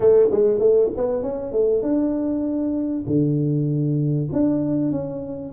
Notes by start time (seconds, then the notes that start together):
0.00 A3
0.31 G#3
0.59 A3
0.96 B3
1.22 C#4
1.51 A3
1.82 D4
3.06 D3
4.32 D4
4.91 C#4